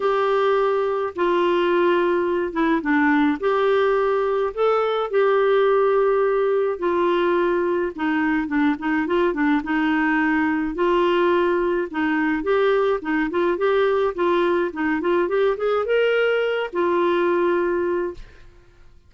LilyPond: \new Staff \with { instrumentName = "clarinet" } { \time 4/4 \tempo 4 = 106 g'2 f'2~ | f'8 e'8 d'4 g'2 | a'4 g'2. | f'2 dis'4 d'8 dis'8 |
f'8 d'8 dis'2 f'4~ | f'4 dis'4 g'4 dis'8 f'8 | g'4 f'4 dis'8 f'8 g'8 gis'8 | ais'4. f'2~ f'8 | }